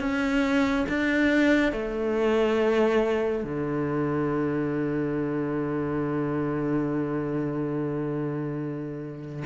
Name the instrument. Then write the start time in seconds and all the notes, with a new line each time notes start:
cello
0.00 C#4
0.89 D4
1.73 A3
3.44 D3